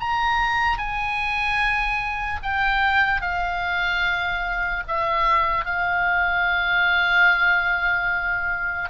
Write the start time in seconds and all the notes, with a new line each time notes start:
0.00 A#5
0.78 G#5
2.43 G5
3.21 F5
4.88 E5
5.65 F5